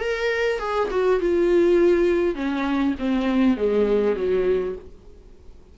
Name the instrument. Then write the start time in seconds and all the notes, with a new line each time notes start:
viola
0.00 A#4
0.59 G#4
0.91 F#4
1.20 F4
2.35 C#4
2.99 C4
3.57 G#3
4.16 F#3